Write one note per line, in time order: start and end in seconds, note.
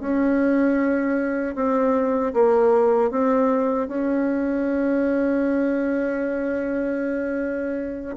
0.00 1.55 C#4
1.55 2.33 C4
2.33 3.11 A#3
3.11 3.88 C4
3.88 8.16 C#4